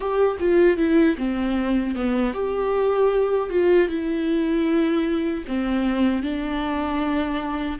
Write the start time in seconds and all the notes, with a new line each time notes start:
0.00 G4
0.39 F4
0.77 E4
1.17 C4
1.95 B3
2.33 G4
3.50 F4
3.88 E4
5.47 C4
6.22 D4